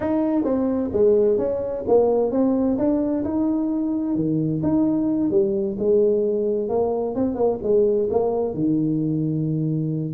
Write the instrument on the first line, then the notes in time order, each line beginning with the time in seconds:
tuba
0.00 D#4
0.44 C4
0.92 G#3
1.38 C#4
1.87 A#3
2.31 C4
2.78 D4
3.24 D#4
4.15 D#3
4.63 D#4
5.30 G3
5.78 G#3
6.68 A#3
7.15 C4
7.35 A#3
7.62 G#3
8.10 A#3
8.54 D#3